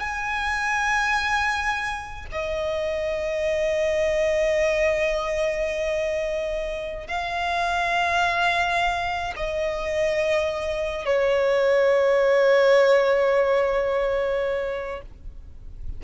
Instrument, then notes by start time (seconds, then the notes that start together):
violin
0.00 G#5
2.32 D#5
7.07 F5
9.36 D#5
11.05 C#5